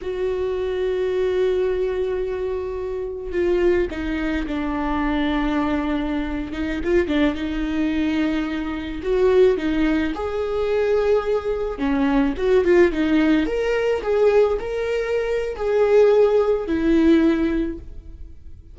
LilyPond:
\new Staff \with { instrumentName = "viola" } { \time 4/4 \tempo 4 = 108 fis'1~ | fis'2 f'4 dis'4 | d'2.~ d'8. dis'16~ | dis'16 f'8 d'8 dis'2~ dis'8.~ |
dis'16 fis'4 dis'4 gis'4.~ gis'16~ | gis'4~ gis'16 cis'4 fis'8 f'8 dis'8.~ | dis'16 ais'4 gis'4 ais'4.~ ais'16 | gis'2 e'2 | }